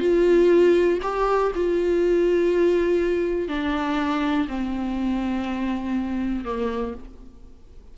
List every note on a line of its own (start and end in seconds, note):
0.00 0.99 F4
1.02 1.52 G4
1.55 3.48 F4
3.48 4.48 D4
4.48 6.45 C4
6.45 6.94 A#3